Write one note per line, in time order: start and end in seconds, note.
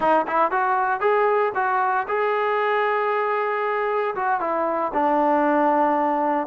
0.00 0.25 D#4
0.27 0.51 E4
0.51 1.00 F#4
1.00 1.52 G#4
1.54 2.06 F#4
2.08 4.14 G#4
4.15 4.40 F#4
4.40 4.92 E4
4.93 6.47 D4